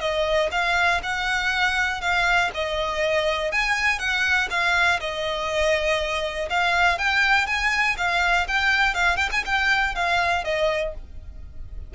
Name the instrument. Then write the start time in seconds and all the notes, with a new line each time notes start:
violin
0.00 D#5
0.51 F5
1.03 F#5
2.01 F5
2.54 D#5
3.52 G#5
3.99 F#5
4.50 F5
5.00 D#5
6.50 F5
6.98 G5
7.47 G#5
7.97 F5
8.48 G5
8.94 F5
9.17 G5
9.32 G#5
9.45 G5
9.95 F5
10.44 D#5